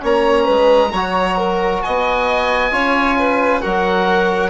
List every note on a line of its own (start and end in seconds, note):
0.00 0.48 A#3
0.00 0.90 C#4
0.00 0.45 C#5
0.00 1.82 A#5
0.45 0.92 G#3
0.45 0.89 B4
0.92 1.82 F#3
0.92 2.71 F#4
0.92 1.37 C#5
1.37 1.82 A#4
1.82 2.71 B3
1.82 2.73 D#5
1.82 3.61 G#5
2.71 3.60 C#4
2.71 3.61 F4
2.71 3.17 C#5
3.18 3.62 B4
3.61 4.49 F#3
3.61 4.49 F#4
3.61 4.49 A#4
3.61 4.49 F#5